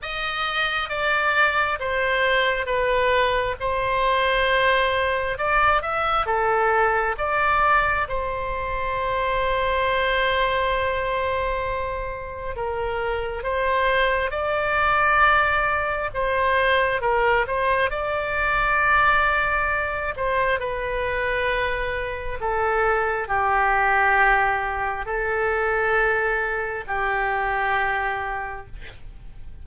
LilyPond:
\new Staff \with { instrumentName = "oboe" } { \time 4/4 \tempo 4 = 67 dis''4 d''4 c''4 b'4 | c''2 d''8 e''8 a'4 | d''4 c''2.~ | c''2 ais'4 c''4 |
d''2 c''4 ais'8 c''8 | d''2~ d''8 c''8 b'4~ | b'4 a'4 g'2 | a'2 g'2 | }